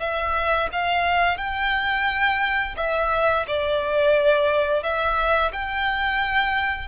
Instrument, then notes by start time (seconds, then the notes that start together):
violin
0.00 E5
0.72 F5
1.37 G5
2.77 E5
3.48 D5
4.83 E5
5.53 G5